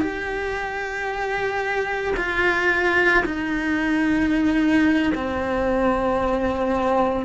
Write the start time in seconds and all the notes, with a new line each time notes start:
0.00 G4
2.17 F4
3.25 D#4
5.15 C4